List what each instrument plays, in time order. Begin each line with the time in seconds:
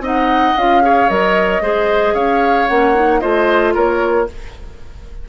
0.00 bassoon C4, clarinet D#4, oboe D#5, flute F#5
0.57 bassoon C#4, clarinet F4, flute F5
0.82 clarinet G#4, oboe C#5
1.10 bassoon F#3, clarinet A#4, flute D#5
1.61 bassoon G#3, clarinet G#4, oboe C5
2.15 bassoon C#4, oboe C#5, flute F5
2.68 bassoon A#3, clarinet C#4, flute F#5
2.95 clarinet D#4
3.20 bassoon A3, clarinet F4, oboe C5, flute D#5
3.74 bassoon A#3, oboe A#4, flute C#5